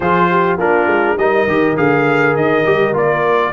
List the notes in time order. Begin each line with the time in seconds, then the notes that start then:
0.00 F3 F4 G#4 C5
0.29 G4
0.57 A#3 D4 F4 A#4
0.86 G#3
1.16 G3 D#4 A#4 D#5
1.46 D#3 G4
1.76 D3 G#4 F5
2.36 D#3 D#5
2.64 G3 G4
2.93 A#3 F4 D5